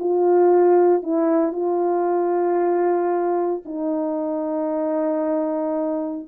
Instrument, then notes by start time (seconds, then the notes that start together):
horn
0.00 F4
1.03 E4
1.53 F4
3.65 D#4